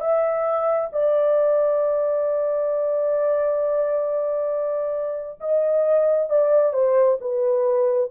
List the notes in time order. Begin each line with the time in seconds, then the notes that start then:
0.00 E5
0.92 D5
5.40 D#5
6.29 D5
6.73 C5
7.20 B4